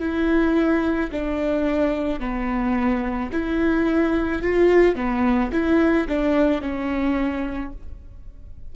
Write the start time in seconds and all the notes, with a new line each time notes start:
0.00 E4
1.12 D4
2.20 B3
3.33 E4
4.42 F4
4.96 B3
5.53 E4
6.09 D4
6.62 C#4